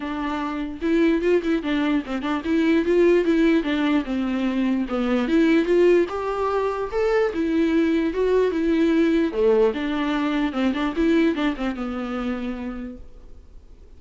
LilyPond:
\new Staff \with { instrumentName = "viola" } { \time 4/4 \tempo 4 = 148 d'2 e'4 f'8 e'8 | d'4 c'8 d'8 e'4 f'4 | e'4 d'4 c'2 | b4 e'4 f'4 g'4~ |
g'4 a'4 e'2 | fis'4 e'2 a4 | d'2 c'8 d'8 e'4 | d'8 c'8 b2. | }